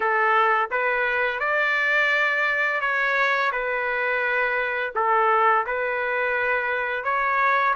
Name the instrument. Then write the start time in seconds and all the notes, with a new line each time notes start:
trumpet
0.00 A4
0.71 B4
1.39 D5
2.80 C#5
3.52 B4
4.95 A4
5.66 B4
7.04 C#5